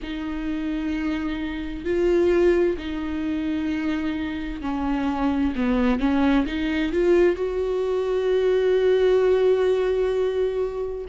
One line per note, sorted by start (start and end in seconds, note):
0.02 1.84 D#4
1.84 2.77 F4
2.77 4.61 D#4
4.61 5.53 C#4
5.55 5.99 B3
5.99 6.45 C#4
6.46 6.92 D#4
6.92 7.36 F4
7.36 11.05 F#4